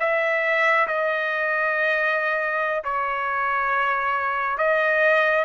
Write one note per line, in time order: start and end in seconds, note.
0.00 0.87 E5
0.87 2.83 D#5
2.84 4.58 C#5
4.58 5.45 D#5